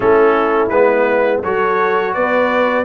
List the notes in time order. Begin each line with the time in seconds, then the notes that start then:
0.00 A3 C#4 E4 A4
0.69 G#3 B3 B4
1.42 F#3 F#4 A4 C#5
2.13 B3 B4 D5